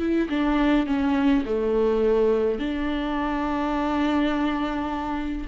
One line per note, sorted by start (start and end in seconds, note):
0.00 0.29 E4
0.30 0.87 D4
0.87 1.45 C#4
1.46 2.60 A3
2.60 5.48 D4